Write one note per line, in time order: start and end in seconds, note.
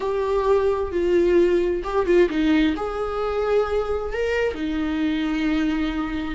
0.00 0.91 G4
0.91 1.82 F4
1.83 2.06 G4
2.06 2.28 F4
2.29 2.75 D#4
2.76 4.12 G#4
4.12 4.54 A#4
4.54 6.34 D#4